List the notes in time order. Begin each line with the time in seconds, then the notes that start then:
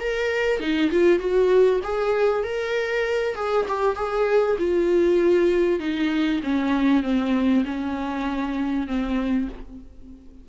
0.00 A#4
0.60 D#4
0.91 F4
1.19 F#4
1.84 G#4
2.44 A#4
3.35 G#4
3.68 G4
3.95 G#4
4.59 F4
5.79 D#4
6.43 C#4
7.03 C4
7.65 C#4
8.87 C4